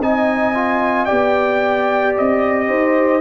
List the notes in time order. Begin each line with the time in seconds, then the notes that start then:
0.00 C4 D#4 D#5 G#5
0.54 F4
1.06 B3 G4 D5 G5
2.17 C4 D#5
2.68 D#4 C5